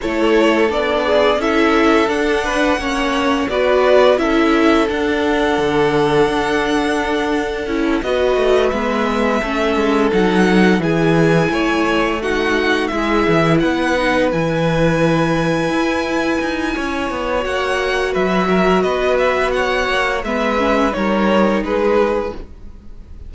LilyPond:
<<
  \new Staff \with { instrumentName = "violin" } { \time 4/4 \tempo 4 = 86 cis''4 d''4 e''4 fis''4~ | fis''4 d''4 e''4 fis''4~ | fis''2.~ fis''8 dis''8~ | dis''8 e''2 fis''4 gis''8~ |
gis''4. fis''4 e''4 fis''8~ | fis''8 gis''2.~ gis''8~ | gis''4 fis''4 e''4 dis''8 e''8 | fis''4 e''4 cis''4 b'4 | }
  \new Staff \with { instrumentName = "violin" } { \time 4/4 a'4. gis'8 a'4. b'8 | cis''4 b'4 a'2~ | a'2.~ a'8 b'8~ | b'4. a'2 gis'8~ |
gis'8 cis''4 fis'4 gis'4 b'8~ | b'1 | cis''2 b'8 ais'8 b'4 | cis''4 b'4 ais'4 gis'4 | }
  \new Staff \with { instrumentName = "viola" } { \time 4/4 e'4 d'4 e'4 d'4 | cis'4 fis'4 e'4 d'4~ | d'2. e'8 fis'8~ | fis'8 b4 cis'4 dis'4 e'8~ |
e'4. dis'4 e'4. | dis'8 e'2.~ e'8~ | e'4 fis'2.~ | fis'4 b8 cis'8 dis'2 | }
  \new Staff \with { instrumentName = "cello" } { \time 4/4 a4 b4 cis'4 d'4 | ais4 b4 cis'4 d'4 | d4 d'2 cis'8 b8 | a8 gis4 a8 gis8 fis4 e8~ |
e8 a2 gis8 e8 b8~ | b8 e2 e'4 dis'8 | cis'8 b8 ais4 fis4 b4~ | b8 ais8 gis4 g4 gis4 | }
>>